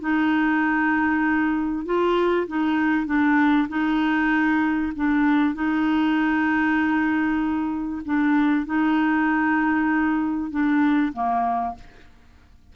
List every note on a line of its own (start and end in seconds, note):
0.00 1.85 D#4
1.85 2.47 F4
2.47 3.06 D#4
3.06 3.68 D4
3.69 4.92 D#4
4.96 5.54 D4
5.54 8.02 D#4
8.05 8.66 D4
8.66 10.50 D#4
10.50 11.12 D4
11.13 11.75 A#3